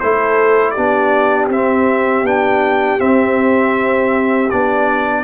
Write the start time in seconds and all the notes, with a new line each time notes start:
0.00 A3 E4 A4 C5
0.71 D4 G4 D5
0.77 B3
1.49 C4 E5
2.23 B3 D4 G5
2.99 C4 E5
4.50 B3 D4 D5